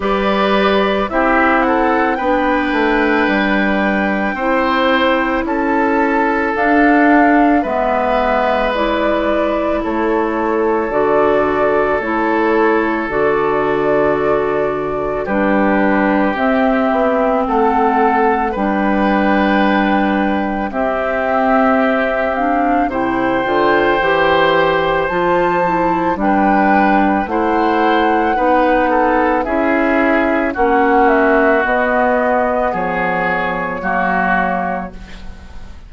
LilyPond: <<
  \new Staff \with { instrumentName = "flute" } { \time 4/4 \tempo 4 = 55 d''4 e''8 fis''8 g''2~ | g''4 a''4 f''4 e''4 | d''4 cis''4 d''4 cis''4 | d''2 b'4 e''4 |
fis''4 g''2 e''4~ | e''8 f''8 g''2 a''4 | g''4 fis''2 e''4 | fis''8 e''8 dis''4 cis''2 | }
  \new Staff \with { instrumentName = "oboe" } { \time 4/4 b'4 g'8 a'8 b'2 | c''4 a'2 b'4~ | b'4 a'2.~ | a'2 g'2 |
a'4 b'2 g'4~ | g'4 c''2. | b'4 c''4 b'8 a'8 gis'4 | fis'2 gis'4 fis'4 | }
  \new Staff \with { instrumentName = "clarinet" } { \time 4/4 g'4 e'4 d'2 | e'2 d'4 b4 | e'2 fis'4 e'4 | fis'2 d'4 c'4~ |
c'4 d'2 c'4~ | c'8 d'8 e'8 f'8 g'4 f'8 e'8 | d'4 e'4 dis'4 e'4 | cis'4 b2 ais4 | }
  \new Staff \with { instrumentName = "bassoon" } { \time 4/4 g4 c'4 b8 a8 g4 | c'4 cis'4 d'4 gis4~ | gis4 a4 d4 a4 | d2 g4 c'8 b8 |
a4 g2 c'4~ | c'4 c8 d8 e4 f4 | g4 a4 b4 cis'4 | ais4 b4 f4 fis4 | }
>>